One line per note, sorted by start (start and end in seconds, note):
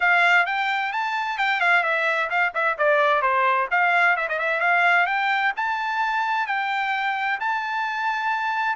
0.00 0.46 F5
0.46 0.92 G5
0.92 1.38 A5
1.38 1.60 G5
1.60 1.83 F5
1.83 2.29 E5
2.30 2.53 F5
2.54 2.77 E5
2.78 3.21 D5
3.21 3.68 C5
3.70 4.16 F5
4.16 4.28 E5
4.28 4.38 D#5
4.38 4.60 E5
4.60 5.06 F5
5.06 5.52 G5
5.56 6.47 A5
6.47 7.39 G5
7.40 8.76 A5